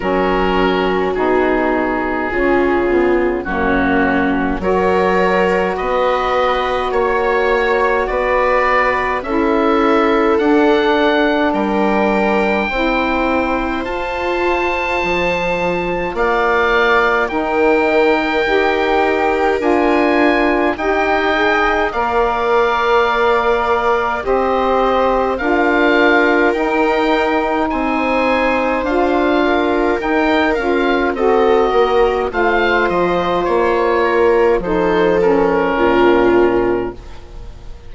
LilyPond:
<<
  \new Staff \with { instrumentName = "oboe" } { \time 4/4 \tempo 4 = 52 ais'4 gis'2 fis'4 | cis''4 dis''4 cis''4 d''4 | e''4 fis''4 g''2 | a''2 f''4 g''4~ |
g''4 gis''4 g''4 f''4~ | f''4 dis''4 f''4 g''4 | gis''4 f''4 g''8 f''8 dis''4 | f''8 dis''8 cis''4 c''8 ais'4. | }
  \new Staff \with { instrumentName = "viola" } { \time 4/4 fis'2 f'4 cis'4 | ais'4 b'4 cis''4 b'4 | a'2 ais'4 c''4~ | c''2 d''4 ais'4~ |
ais'2 dis''4 d''4~ | d''4 c''4 ais'2 | c''4. ais'4. a'8 ais'8 | c''4. ais'8 a'4 f'4 | }
  \new Staff \with { instrumentName = "saxophone" } { \time 4/4 cis'4 dis'4 cis'8 b8 ais4 | fis'1 | e'4 d'2 e'4 | f'2. dis'4 |
g'4 f'4 g'8 gis'8 ais'4~ | ais'4 g'4 f'4 dis'4~ | dis'4 f'4 dis'8 f'8 fis'4 | f'2 dis'8 cis'4. | }
  \new Staff \with { instrumentName = "bassoon" } { \time 4/4 fis4 b,4 cis4 fis,4 | fis4 b4 ais4 b4 | cis'4 d'4 g4 c'4 | f'4 f4 ais4 dis4 |
dis'4 d'4 dis'4 ais4~ | ais4 c'4 d'4 dis'4 | c'4 d'4 dis'8 cis'8 c'8 ais8 | a8 f8 ais4 f4 ais,4 | }
>>